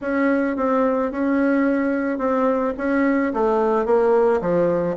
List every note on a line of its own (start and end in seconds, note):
0.01 0.56 C#4
0.56 1.11 C4
1.11 2.18 C#4
2.18 2.73 C4
2.77 3.32 C#4
3.33 3.85 A3
3.85 4.40 A#3
4.41 4.96 F3